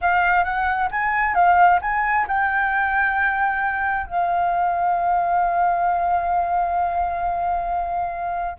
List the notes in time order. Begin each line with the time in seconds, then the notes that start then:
0.01 F5
0.44 F#5
0.91 G#5
1.34 F5
1.81 G#5
2.27 G5
4.06 F5